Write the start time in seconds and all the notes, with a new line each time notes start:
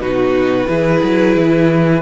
0.00 B2 D#4 F#4 B4
0.68 E3 E4 G#4
1.04 F#3
1.37 E3